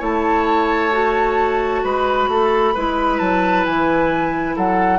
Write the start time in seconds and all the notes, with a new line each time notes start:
0.00 A3 E4 C#5 A5
0.92 F#4
1.84 G#3 B4 B5
2.28 A3 A4
2.75 G#3 E4 B4
3.19 F#3 A5
3.65 E3 G#5
4.56 F#3 A4 F#5